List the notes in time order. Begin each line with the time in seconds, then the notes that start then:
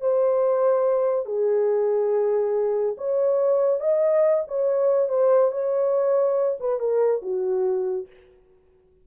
0.00 C5
1.25 G#4
2.97 C#5
3.80 D#5
4.47 C#5
5.09 C5
5.51 C#5
6.60 B4
6.79 A#4
7.21 F#4